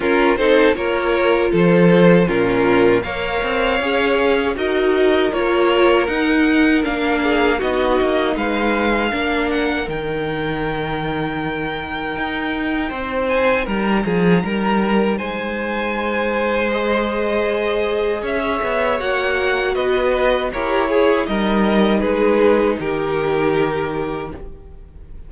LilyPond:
<<
  \new Staff \with { instrumentName = "violin" } { \time 4/4 \tempo 4 = 79 ais'8 c''8 cis''4 c''4 ais'4 | f''2 dis''4 cis''4 | fis''4 f''4 dis''4 f''4~ | f''8 fis''8 g''2.~ |
g''4. gis''8 ais''2 | gis''2 dis''2 | e''4 fis''4 dis''4 cis''4 | dis''4 b'4 ais'2 | }
  \new Staff \with { instrumentName = "violin" } { \time 4/4 f'8 a'8 ais'4 a'4 f'4 | cis''2 ais'2~ | ais'4. gis'8 fis'4 b'4 | ais'1~ |
ais'4 c''4 ais'8 gis'8 ais'4 | c''1 | cis''2 b'4 ais'8 gis'8 | ais'4 gis'4 g'2 | }
  \new Staff \with { instrumentName = "viola" } { \time 4/4 cis'8 dis'8 f'2 cis'4 | ais'4 gis'4 fis'4 f'4 | dis'4 d'4 dis'2 | d'4 dis'2.~ |
dis'1~ | dis'2 gis'2~ | gis'4 fis'2 g'8 gis'8 | dis'1 | }
  \new Staff \with { instrumentName = "cello" } { \time 4/4 cis'8 c'8 ais4 f4 ais,4 | ais8 c'8 cis'4 dis'4 ais4 | dis'4 ais4 b8 ais8 gis4 | ais4 dis2. |
dis'4 c'4 g8 f8 g4 | gis1 | cis'8 b8 ais4 b4 e'4 | g4 gis4 dis2 | }
>>